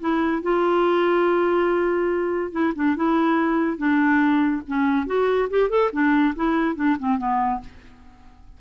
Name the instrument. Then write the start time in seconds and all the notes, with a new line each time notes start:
clarinet
0.00 E4
0.42 F4
2.52 E4
2.75 D4
2.96 E4
3.78 D4
4.67 C#4
5.07 F#4
5.50 G4
5.70 A4
5.92 D4
6.36 E4
6.76 D4
6.99 C4
7.18 B3